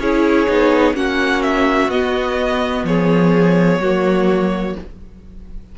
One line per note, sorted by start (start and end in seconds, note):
0.00 0.48 C#4
0.00 0.48 E4
0.00 0.96 G#4
0.00 0.96 C#5
0.48 0.94 B3
0.48 0.94 D#4
0.94 1.88 A#3
0.94 1.90 C#4
0.94 2.87 F#4
0.94 1.43 F#5
1.43 1.90 E5
1.88 2.84 B3
1.88 3.82 B3
1.88 2.86 D#5
2.84 3.79 F3
2.84 3.81 G#4
2.84 4.77 C#5
3.80 4.76 F#3
3.80 4.78 A#3
3.80 4.76 F#4